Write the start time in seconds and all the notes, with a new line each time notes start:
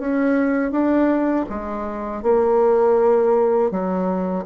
0.00 C#4
0.72 D4
1.50 G#3
2.23 A#3
3.72 F#3